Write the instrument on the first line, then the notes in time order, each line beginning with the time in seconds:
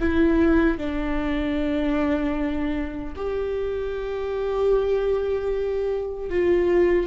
viola
0.00 E4
0.78 D4
3.17 G4
6.30 F4